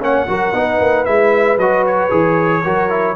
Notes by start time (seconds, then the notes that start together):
0.00 A#3 C#4 C#5 F#5
0.27 F#3 F#4 A#4
0.53 B3 D#4 B4
0.80 A#3
1.05 G#3 E4 E5
1.57 F#3 F#4 D#5
1.86 C#5
2.10 E3 G#4
2.64 F#3 F#4 A#4
2.89 E4